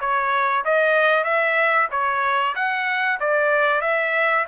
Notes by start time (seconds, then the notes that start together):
0.00 C#5
0.64 D#5
1.24 E5
1.91 C#5
2.55 F#5
3.20 D5
3.81 E5